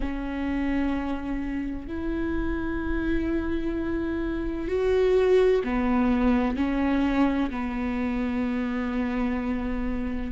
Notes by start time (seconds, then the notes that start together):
0.00 C#4
1.87 E4
4.68 F#4
5.63 B3
6.56 C#4
7.50 B3